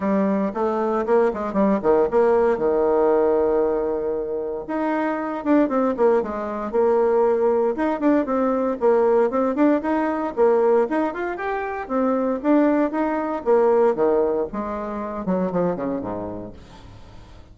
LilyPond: \new Staff \with { instrumentName = "bassoon" } { \time 4/4 \tempo 4 = 116 g4 a4 ais8 gis8 g8 dis8 | ais4 dis2.~ | dis4 dis'4. d'8 c'8 ais8 | gis4 ais2 dis'8 d'8 |
c'4 ais4 c'8 d'8 dis'4 | ais4 dis'8 f'8 g'4 c'4 | d'4 dis'4 ais4 dis4 | gis4. fis8 f8 cis8 gis,4 | }